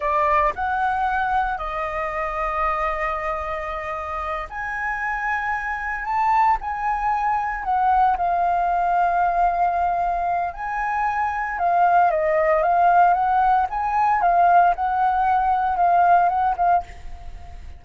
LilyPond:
\new Staff \with { instrumentName = "flute" } { \time 4/4 \tempo 4 = 114 d''4 fis''2 dis''4~ | dis''1~ | dis''8 gis''2. a''8~ | a''8 gis''2 fis''4 f''8~ |
f''1 | gis''2 f''4 dis''4 | f''4 fis''4 gis''4 f''4 | fis''2 f''4 fis''8 f''8 | }